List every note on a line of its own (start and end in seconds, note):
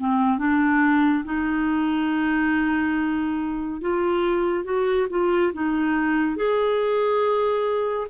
0.00 0.39 C4
0.39 1.25 D4
1.25 3.82 D#4
3.82 4.65 F4
4.65 5.08 F#4
5.10 5.53 F4
5.54 6.37 D#4
6.37 8.08 G#4